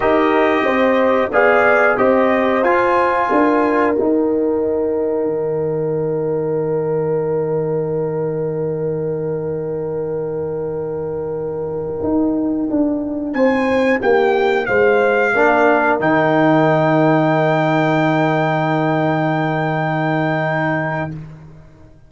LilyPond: <<
  \new Staff \with { instrumentName = "trumpet" } { \time 4/4 \tempo 4 = 91 dis''2 f''4 dis''4 | gis''2 g''2~ | g''1~ | g''1~ |
g''1~ | g''16 gis''4 g''4 f''4.~ f''16~ | f''16 g''2.~ g''8.~ | g''1 | }
  \new Staff \with { instrumentName = "horn" } { \time 4/4 ais'4 c''4 d''4 c''4~ | c''4 ais'2.~ | ais'1~ | ais'1~ |
ais'1~ | ais'16 c''4 g'4 c''4 ais'8.~ | ais'1~ | ais'1 | }
  \new Staff \with { instrumentName = "trombone" } { \time 4/4 g'2 gis'4 g'4 | f'2 dis'2~ | dis'1~ | dis'1~ |
dis'1~ | dis'2.~ dis'16 d'8.~ | d'16 dis'2.~ dis'8.~ | dis'1 | }
  \new Staff \with { instrumentName = "tuba" } { \time 4/4 dis'4 c'4 b4 c'4 | f'4 d'4 dis'2 | dis1~ | dis1~ |
dis2~ dis16 dis'4 d'8.~ | d'16 c'4 ais4 gis4 ais8.~ | ais16 dis2.~ dis8.~ | dis1 | }
>>